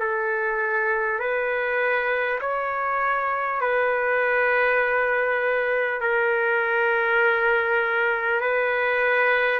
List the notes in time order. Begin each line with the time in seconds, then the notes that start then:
0.00 A4
1.20 B4
2.41 C#5
3.61 B4
6.01 A#4
8.41 B4